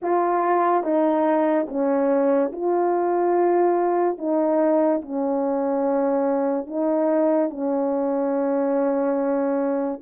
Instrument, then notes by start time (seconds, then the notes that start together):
horn
0.02 F4
0.83 D#4
1.68 C#4
2.52 F4
4.17 D#4
5.01 C#4
6.67 D#4
7.50 C#4